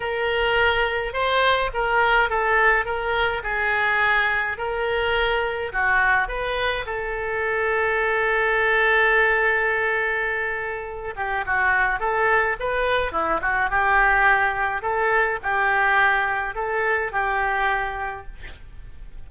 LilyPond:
\new Staff \with { instrumentName = "oboe" } { \time 4/4 \tempo 4 = 105 ais'2 c''4 ais'4 | a'4 ais'4 gis'2 | ais'2 fis'4 b'4 | a'1~ |
a'2.~ a'8 g'8 | fis'4 a'4 b'4 e'8 fis'8 | g'2 a'4 g'4~ | g'4 a'4 g'2 | }